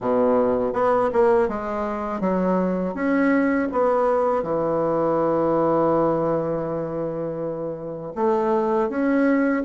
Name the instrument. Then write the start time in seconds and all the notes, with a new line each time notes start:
bassoon
0.00 B2
0.73 B3
1.12 A#3
1.48 G#3
2.20 F#3
2.94 C#4
3.71 B3
4.42 E3
8.15 A3
8.89 C#4